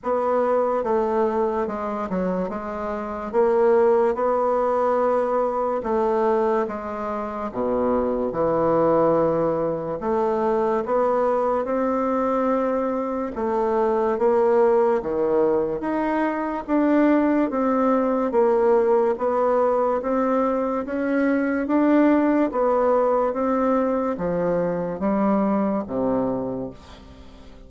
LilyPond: \new Staff \with { instrumentName = "bassoon" } { \time 4/4 \tempo 4 = 72 b4 a4 gis8 fis8 gis4 | ais4 b2 a4 | gis4 b,4 e2 | a4 b4 c'2 |
a4 ais4 dis4 dis'4 | d'4 c'4 ais4 b4 | c'4 cis'4 d'4 b4 | c'4 f4 g4 c4 | }